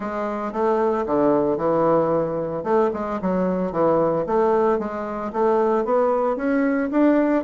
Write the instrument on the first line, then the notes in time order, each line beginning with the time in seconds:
bassoon
0.00 G#3
0.52 A3
1.06 D3
1.57 E3
2.63 A3
2.93 G#3
3.21 F#3
3.72 E3
4.26 A3
4.78 G#3
5.32 A3
5.84 B3
6.36 C#4
6.91 D4